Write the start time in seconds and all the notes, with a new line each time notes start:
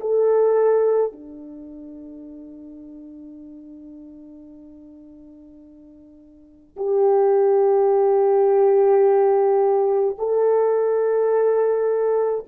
0.00 A4
1.12 D4
6.77 G4
10.18 A4